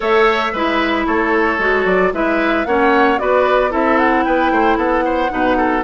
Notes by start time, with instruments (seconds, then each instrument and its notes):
0.00 bassoon A3, clarinet A4, oboe C#5, flute E5
0.52 bassoon G#3, clarinet E4, oboe B4
1.06 bassoon A3, oboe A4, flute C#5
1.58 bassoon G#3, clarinet F#4
1.85 bassoon F#3, flute D5
2.12 bassoon G#3, clarinet E4, oboe B4, flute E5
2.65 bassoon A#3, clarinet C#4, oboe C#5, flute F#5
3.18 bassoon B3, clarinet F#4, oboe B4, flute D5
3.69 bassoon C4, clarinet E4, oboe A4, flute E5
3.98 flute F#5
4.24 bassoon B3, oboe B4, flute G5
4.51 bassoon A3, oboe C5
4.77 bassoon B3, oboe A4, flute F#5
5.04 oboe C5
5.29 bassoon B2, clarinet D#4, oboe B4
5.57 oboe A4